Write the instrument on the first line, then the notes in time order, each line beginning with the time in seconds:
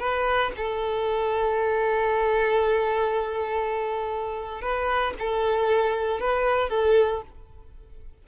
violin
0.00 B4
0.57 A4
4.62 B4
5.19 A4
6.21 B4
6.70 A4